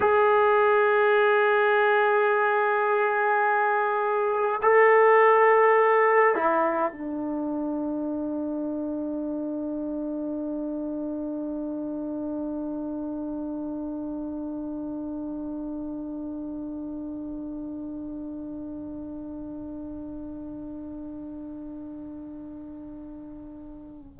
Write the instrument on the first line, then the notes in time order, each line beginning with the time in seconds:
trombone
0.00 G#4
4.62 A4
6.35 E4
6.92 D4